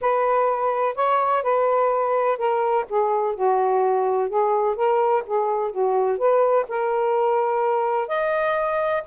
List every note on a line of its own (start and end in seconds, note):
0.01 0.95 B4
0.95 1.42 C#5
1.42 2.37 B4
2.37 2.85 A#4
2.89 3.35 G#4
3.35 4.29 F#4
4.29 4.75 G#4
4.75 5.23 A#4
5.26 5.71 G#4
5.71 6.18 F#4
6.18 6.65 B4
6.68 8.08 A#4
8.08 9.03 D#5